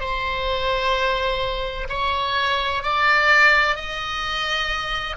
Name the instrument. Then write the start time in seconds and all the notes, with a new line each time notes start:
oboe
0.00 C5
1.89 C#5
2.83 D5
3.75 D#5